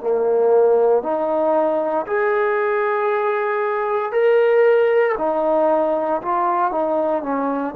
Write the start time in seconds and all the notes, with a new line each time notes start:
0.00 A#3
1.03 D#4
2.06 G#4
4.12 A#4
5.18 D#4
6.22 F4
6.71 D#4
7.23 C#4